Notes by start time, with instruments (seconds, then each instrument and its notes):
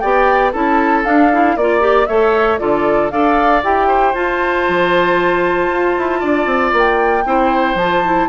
0.00 bassoon B3, clarinet G4, oboe D5, flute G5
0.53 bassoon C#4, clarinet E4, oboe A4, flute A5
1.05 clarinet D4, bassoon D4, flute F5
1.32 clarinet E4
1.57 bassoon A#3, clarinet F4, flute D5, oboe D5
1.81 clarinet G4
2.07 bassoon A3, clarinet A4, oboe C#5, flute E5
2.59 bassoon D3, clarinet F4, oboe A4, flute D5
3.11 bassoon D4, clarinet A4, oboe D5, flute F5
3.64 bassoon E4, clarinet G4, flute G5
3.88 oboe C5
4.14 bassoon F4, clarinet F4, flute A5
4.69 bassoon F3
5.70 bassoon F4
5.98 bassoon E4
6.21 bassoon D4, oboe D5
6.46 bassoon C4
6.73 bassoon A#3, flute G5
7.25 bassoon C4, clarinet E4, oboe C5
7.75 bassoon F3, clarinet F4, flute A5
8.05 clarinet E4